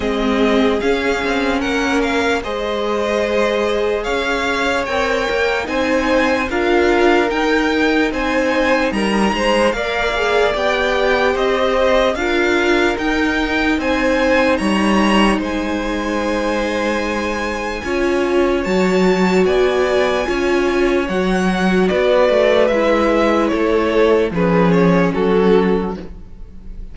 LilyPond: <<
  \new Staff \with { instrumentName = "violin" } { \time 4/4 \tempo 4 = 74 dis''4 f''4 fis''8 f''8 dis''4~ | dis''4 f''4 g''4 gis''4 | f''4 g''4 gis''4 ais''4 | f''4 g''4 dis''4 f''4 |
g''4 gis''4 ais''4 gis''4~ | gis''2. a''4 | gis''2 fis''4 d''4 | e''4 cis''4 b'8 cis''8 a'4 | }
  \new Staff \with { instrumentName = "violin" } { \time 4/4 gis'2 ais'4 c''4~ | c''4 cis''2 c''4 | ais'2 c''4 ais'8 c''8 | d''2 c''4 ais'4~ |
ais'4 c''4 cis''4 c''4~ | c''2 cis''2 | d''4 cis''2 b'4~ | b'4 a'4 gis'4 fis'4 | }
  \new Staff \with { instrumentName = "viola" } { \time 4/4 c'4 cis'2 gis'4~ | gis'2 ais'4 dis'4 | f'4 dis'2. | ais'8 gis'8 g'2 f'4 |
dis'1~ | dis'2 f'4 fis'4~ | fis'4 f'4 fis'2 | e'2 cis'2 | }
  \new Staff \with { instrumentName = "cello" } { \time 4/4 gis4 cis'8 c'8 ais4 gis4~ | gis4 cis'4 c'8 ais8 c'4 | d'4 dis'4 c'4 g8 gis8 | ais4 b4 c'4 d'4 |
dis'4 c'4 g4 gis4~ | gis2 cis'4 fis4 | b4 cis'4 fis4 b8 a8 | gis4 a4 f4 fis4 | }
>>